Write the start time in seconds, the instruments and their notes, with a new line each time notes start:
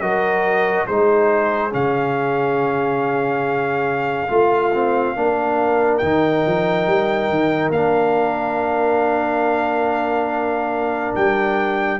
0.00 tuba F#3, trombone F#4, horn A#4, trumpet D#5
0.87 tuba G#3, trombone D#4, horn G#4, trumpet C5
1.70 tuba C#3, trombone C#4, trumpet F5
4.28 tuba A3, trombone F4, horn F4
4.73 trombone C4
5.15 tuba A#3, trombone D4, horn A#4
5.98 tuba D#3, trombone D#4, trumpet G5
6.46 tuba F3
6.87 tuba G3
7.29 tuba D#3
7.69 tuba A#3, trombone D4, trumpet F5
11.15 tuba G3, trumpet G5